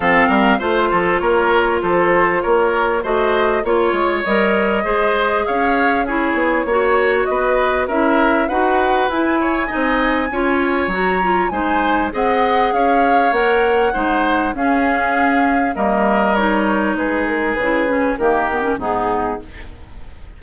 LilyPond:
<<
  \new Staff \with { instrumentName = "flute" } { \time 4/4 \tempo 4 = 99 f''4 c''4 cis''4 c''4 | cis''4 dis''4 cis''4 dis''4~ | dis''4 f''4 cis''2 | dis''4 e''4 fis''4 gis''4~ |
gis''2 ais''4 gis''4 | fis''4 f''4 fis''2 | f''2 dis''4 cis''4 | b'8 ais'8 b'4 ais'4 gis'4 | }
  \new Staff \with { instrumentName = "oboe" } { \time 4/4 a'8 ais'8 c''8 a'8 ais'4 a'4 | ais'4 c''4 cis''2 | c''4 cis''4 gis'4 cis''4 | b'4 ais'4 b'4. cis''8 |
dis''4 cis''2 c''4 | dis''4 cis''2 c''4 | gis'2 ais'2 | gis'2 g'4 dis'4 | }
  \new Staff \with { instrumentName = "clarinet" } { \time 4/4 c'4 f'2.~ | f'4 fis'4 f'4 ais'4 | gis'2 e'4 fis'4~ | fis'4 e'4 fis'4 e'4 |
dis'4 f'4 fis'8 f'8 dis'4 | gis'2 ais'4 dis'4 | cis'2 ais4 dis'4~ | dis'4 e'8 cis'8 ais8 b16 cis'16 b4 | }
  \new Staff \with { instrumentName = "bassoon" } { \time 4/4 f8 g8 a8 f8 ais4 f4 | ais4 a4 ais8 gis8 g4 | gis4 cis'4. b8 ais4 | b4 cis'4 dis'4 e'4 |
c'4 cis'4 fis4 gis4 | c'4 cis'4 ais4 gis4 | cis'2 g2 | gis4 cis4 dis4 gis,4 | }
>>